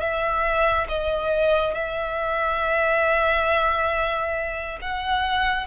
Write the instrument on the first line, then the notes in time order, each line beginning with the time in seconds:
violin
0.00 E5
0.89 D#5
1.74 E5
4.81 F#5